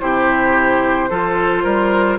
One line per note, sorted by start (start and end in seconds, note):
0.00 1.10 C3
0.00 1.09 E4
0.00 1.10 G4
0.00 2.18 C5
1.10 1.65 F3
1.10 2.18 F4
1.10 1.63 A4
1.63 2.18 G3
1.63 2.18 A#4